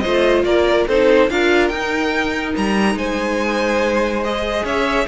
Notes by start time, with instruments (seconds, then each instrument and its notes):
0.00 viola F4, violin C5 D#5
0.06 cello A3
0.44 cello A#3, violin A#4 D5
0.88 cello C4, viola D#4, violin A4 C5
1.30 cello D4, viola F4, violin A#4 F5
1.68 cello D#4, violin G5
1.75 viola D#4
2.57 cello G3, violin A#5
2.95 cello G#3, violin C5 G#5
4.24 viola G#4, violin D#5
4.65 cello C#4, violin C#5 E5